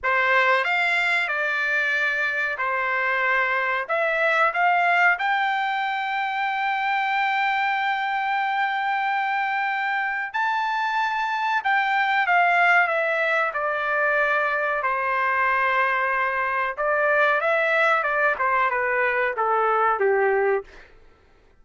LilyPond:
\new Staff \with { instrumentName = "trumpet" } { \time 4/4 \tempo 4 = 93 c''4 f''4 d''2 | c''2 e''4 f''4 | g''1~ | g''1 |
a''2 g''4 f''4 | e''4 d''2 c''4~ | c''2 d''4 e''4 | d''8 c''8 b'4 a'4 g'4 | }